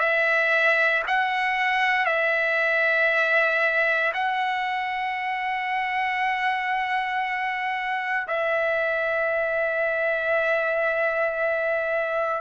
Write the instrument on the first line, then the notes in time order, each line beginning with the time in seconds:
trumpet
0.00 E5
1.08 F#5
2.06 E5
4.14 F#5
8.28 E5